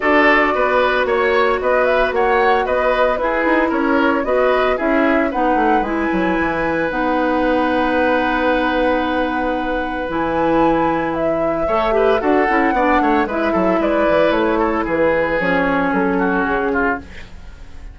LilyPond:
<<
  \new Staff \with { instrumentName = "flute" } { \time 4/4 \tempo 4 = 113 d''2 cis''4 dis''8 e''8 | fis''4 dis''4 b'4 cis''4 | dis''4 e''4 fis''4 gis''4~ | gis''4 fis''2.~ |
fis''2. gis''4~ | gis''4 e''2 fis''4~ | fis''4 e''4 d''4 cis''4 | b'4 cis''4 a'4 gis'4 | }
  \new Staff \with { instrumentName = "oboe" } { \time 4/4 a'4 b'4 cis''4 b'4 | cis''4 b'4 gis'4 ais'4 | b'4 gis'4 b'2~ | b'1~ |
b'1~ | b'2 cis''8 b'8 a'4 | d''8 cis''8 b'8 a'8 b'4. a'8 | gis'2~ gis'8 fis'4 f'8 | }
  \new Staff \with { instrumentName = "clarinet" } { \time 4/4 fis'1~ | fis'2 e'2 | fis'4 e'4 dis'4 e'4~ | e'4 dis'2.~ |
dis'2. e'4~ | e'2 a'8 g'8 fis'8 e'8 | d'4 e'2.~ | e'4 cis'2. | }
  \new Staff \with { instrumentName = "bassoon" } { \time 4/4 d'4 b4 ais4 b4 | ais4 b4 e'8 dis'8 cis'4 | b4 cis'4 b8 a8 gis8 fis8 | e4 b2.~ |
b2. e4~ | e2 a4 d'8 cis'8 | b8 a8 gis8 fis8 gis8 e8 a4 | e4 f4 fis4 cis4 | }
>>